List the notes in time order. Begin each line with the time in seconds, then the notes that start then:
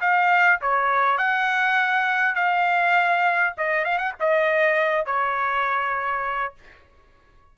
0.00 F5
0.61 C#5
1.17 F#5
2.34 F5
3.57 D#5
3.84 F5
3.98 F#5
4.19 D#5
5.05 C#5